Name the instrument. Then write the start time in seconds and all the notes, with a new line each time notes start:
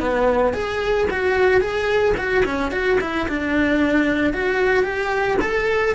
cello
0.00 B3
0.53 G#4
1.10 F#4
1.61 G#4
2.17 F#4
2.45 C#4
2.71 F#4
3.00 E4
3.28 D4
4.33 F#4
4.83 G4
5.41 A4